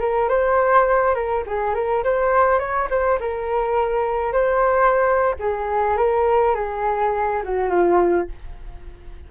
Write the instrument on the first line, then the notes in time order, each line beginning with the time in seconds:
flute
0.00 A#4
0.29 C5
1.15 A#4
1.47 G#4
1.74 A#4
2.04 C5
2.59 C#5
2.90 C5
3.20 A#4
4.33 C5
5.40 G#4
5.98 A#4
6.55 G#4
7.44 F#4
7.70 F4